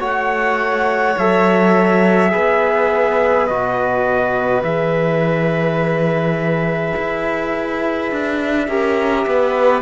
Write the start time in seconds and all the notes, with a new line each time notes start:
0.00 A3 F#4 C#5 F#5
1.18 F#3 A4 E5
2.31 B3 G#4 B4
3.47 B2 F#4 D#5
4.62 E3 G#4 E5
6.97 E4
8.11 D4
8.68 C#4 G4 A#4
9.26 B3 B4